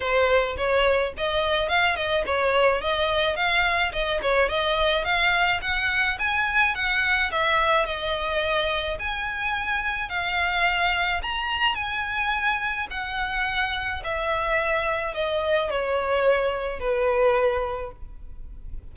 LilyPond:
\new Staff \with { instrumentName = "violin" } { \time 4/4 \tempo 4 = 107 c''4 cis''4 dis''4 f''8 dis''8 | cis''4 dis''4 f''4 dis''8 cis''8 | dis''4 f''4 fis''4 gis''4 | fis''4 e''4 dis''2 |
gis''2 f''2 | ais''4 gis''2 fis''4~ | fis''4 e''2 dis''4 | cis''2 b'2 | }